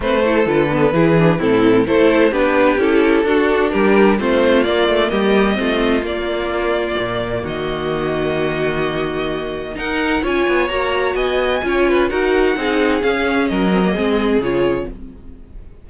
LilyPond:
<<
  \new Staff \with { instrumentName = "violin" } { \time 4/4 \tempo 4 = 129 c''4 b'2 a'4 | c''4 b'4 a'2 | ais'4 c''4 d''4 dis''4~ | dis''4 d''2. |
dis''1~ | dis''4 fis''4 gis''4 ais''4 | gis''2 fis''2 | f''4 dis''2 cis''4 | }
  \new Staff \with { instrumentName = "violin" } { \time 4/4 b'8 a'4. gis'4 e'4 | a'4 g'2 fis'4 | g'4 f'2 g'4 | f'1 |
fis'1~ | fis'4 ais'4 cis''2 | dis''4 cis''8 b'8 ais'4 gis'4~ | gis'4 ais'4 gis'2 | }
  \new Staff \with { instrumentName = "viola" } { \time 4/4 c'8 e'8 f'8 b8 e'8 d'8 c'4 | e'4 d'4 e'4 d'4~ | d'4 c'4 ais2 | c'4 ais2.~ |
ais1~ | ais4 dis'4 f'4 fis'4~ | fis'4 f'4 fis'4 dis'4 | cis'4. c'16 ais16 c'4 f'4 | }
  \new Staff \with { instrumentName = "cello" } { \time 4/4 a4 d4 e4 a,4 | a4 b4 cis'4 d'4 | g4 a4 ais8 a8 g4 | a4 ais2 ais,4 |
dis1~ | dis4 dis'4 cis'8 b8 ais4 | b4 cis'4 dis'4 c'4 | cis'4 fis4 gis4 cis4 | }
>>